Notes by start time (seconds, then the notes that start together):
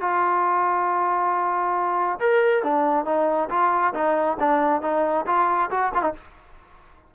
0.00 F4
2.19 A#4
2.63 D4
3.05 D#4
3.49 F4
3.94 D#4
4.39 D4
4.81 D#4
5.26 F4
5.70 F#4
5.94 F4
6.02 D#4